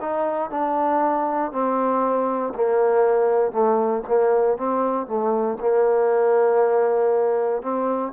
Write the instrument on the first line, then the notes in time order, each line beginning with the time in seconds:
trombone
0.00 D#4
0.49 D4
1.51 C4
2.54 A#3
3.51 A3
4.08 A#3
4.57 C4
5.07 A3
5.60 A#3
7.62 C4